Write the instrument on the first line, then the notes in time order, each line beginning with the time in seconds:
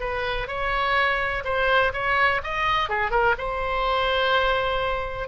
oboe
0.00 B4
0.48 C#5
1.44 C5
1.93 C#5
2.43 D#5
2.90 G#4
3.11 A#4
3.38 C5